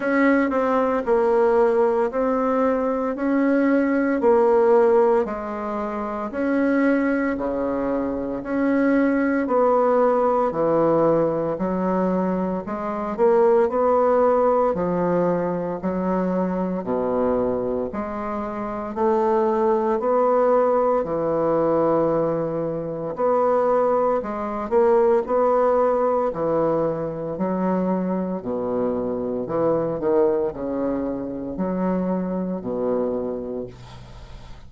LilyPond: \new Staff \with { instrumentName = "bassoon" } { \time 4/4 \tempo 4 = 57 cis'8 c'8 ais4 c'4 cis'4 | ais4 gis4 cis'4 cis4 | cis'4 b4 e4 fis4 | gis8 ais8 b4 f4 fis4 |
b,4 gis4 a4 b4 | e2 b4 gis8 ais8 | b4 e4 fis4 b,4 | e8 dis8 cis4 fis4 b,4 | }